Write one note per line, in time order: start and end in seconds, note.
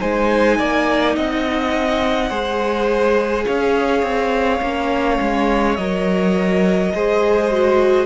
0.00 0.60 G#3
0.00 2.30 D#4
0.00 0.58 C5
0.00 1.16 G#5
0.58 1.17 A#3
0.58 1.16 D5
1.16 2.31 C4
1.16 2.29 D#5
1.16 3.46 F#5
2.29 3.46 G#3
2.29 4.61 G#4
2.29 3.45 C5
3.46 4.03 C#4
3.46 6.92 C#5
3.46 5.76 F5
4.03 4.60 C4
4.62 5.19 A#3
4.62 5.78 C#4
5.21 5.78 G#3
5.76 6.93 F#3
5.76 6.94 A#4
5.76 8.06 D#5
6.94 8.06 G#3
6.94 7.51 G#4
6.94 8.06 C5
7.51 8.06 F#4